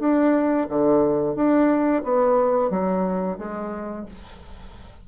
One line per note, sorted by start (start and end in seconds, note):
0.00 0.67 D4
0.69 1.36 D3
1.36 2.03 D4
2.04 2.71 B3
2.71 3.38 F#3
3.39 4.06 G#3